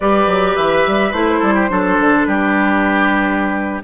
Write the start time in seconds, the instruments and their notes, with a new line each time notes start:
0.00 bassoon G3, clarinet G4, oboe B4, flute D5
0.26 bassoon F#3
0.55 bassoon E3, flute E5
0.86 bassoon G3
1.12 bassoon A3, clarinet E4, flute C5
1.39 bassoon G3, oboe A4
1.54 oboe G4
1.68 bassoon F#3, clarinet D4, oboe A4
2.00 bassoon D3
2.25 bassoon G3, oboe G4, flute B4